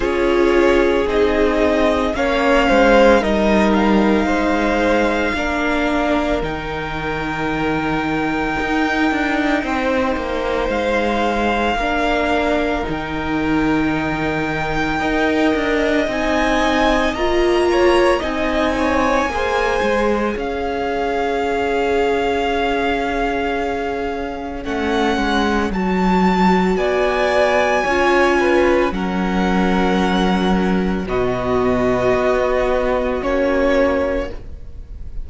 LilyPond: <<
  \new Staff \with { instrumentName = "violin" } { \time 4/4 \tempo 4 = 56 cis''4 dis''4 f''4 dis''8 f''8~ | f''2 g''2~ | g''2 f''2 | g''2. gis''4 |
ais''4 gis''2 f''4~ | f''2. fis''4 | a''4 gis''2 fis''4~ | fis''4 dis''2 cis''4 | }
  \new Staff \with { instrumentName = "violin" } { \time 4/4 gis'2 cis''8 c''8 ais'4 | c''4 ais'2.~ | ais'4 c''2 ais'4~ | ais'2 dis''2~ |
dis''8 cis''8 dis''8 cis''8 c''4 cis''4~ | cis''1~ | cis''4 d''4 cis''8 b'8 ais'4~ | ais'4 fis'2. | }
  \new Staff \with { instrumentName = "viola" } { \time 4/4 f'4 dis'4 cis'4 dis'4~ | dis'4 d'4 dis'2~ | dis'2. d'4 | dis'2 ais'4 dis'4 |
f'4 dis'4 gis'2~ | gis'2. cis'4 | fis'2 f'4 cis'4~ | cis'4 b2 cis'4 | }
  \new Staff \with { instrumentName = "cello" } { \time 4/4 cis'4 c'4 ais8 gis8 g4 | gis4 ais4 dis2 | dis'8 d'8 c'8 ais8 gis4 ais4 | dis2 dis'8 d'8 c'4 |
ais4 c'4 ais8 gis8 cis'4~ | cis'2. a8 gis8 | fis4 b4 cis'4 fis4~ | fis4 b,4 b4 ais4 | }
>>